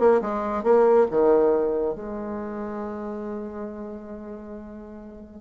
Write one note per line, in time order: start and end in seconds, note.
0.00 0.22 A#3
0.22 0.64 G#3
0.64 1.07 A#3
1.11 1.96 D#3
1.96 5.41 G#3